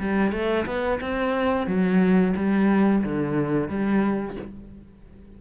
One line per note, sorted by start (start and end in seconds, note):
0.00 0.32 G3
0.32 0.66 A3
0.66 1.00 B3
1.01 1.67 C4
1.67 2.34 F#3
2.36 3.03 G3
3.04 3.69 D3
3.69 4.36 G3